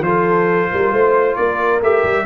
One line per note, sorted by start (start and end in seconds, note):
0.00 0.67 F3
0.00 1.82 F4
0.00 0.71 A4
0.00 1.36 C5
0.71 0.91 G3
0.71 0.92 A#4
0.91 1.36 A3
0.91 1.37 C5
1.36 1.80 A#3
1.36 2.26 A#4
1.36 1.80 D5
1.80 2.03 A3
1.80 2.26 G4
1.80 2.26 E5
2.03 2.25 G3